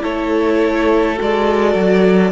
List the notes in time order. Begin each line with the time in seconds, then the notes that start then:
0.00 A3 E4 A4 C#5
1.15 G#3 F#4
1.21 D5
1.74 F#3